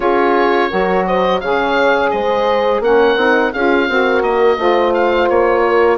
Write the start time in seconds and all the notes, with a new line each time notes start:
0.00 C#4 F4 G#4 C#5
0.69 F#3 F#4 A#4
1.06 C5 D#5
1.40 C#3 G#4 C#5 F5
2.10 G#3 C5 D#5
2.80 A#3 C#4 A#4 F#5
3.15 C4 D#4
3.52 C#4 F4 G#4 F5
3.88 C4 F#4 A#4
4.22 A#3 D#5
4.56 A3 F4 C5
4.93 F5
5.29 A#3 C#5
5.65 A#4